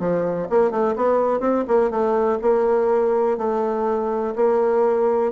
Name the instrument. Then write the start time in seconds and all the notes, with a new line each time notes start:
bassoon
0.00 F3
0.50 A#3
0.71 A3
0.96 B3
1.41 C4
1.68 A#3
1.91 A3
2.42 A#3
3.38 A3
4.36 A#3